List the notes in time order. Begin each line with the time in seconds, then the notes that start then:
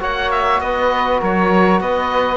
0.00 A#3 F#4 C#5 F#5
0.31 E5
0.61 B3 B4 D#5
1.21 F#3 A#4 C#5
1.81 B3 B4 D#5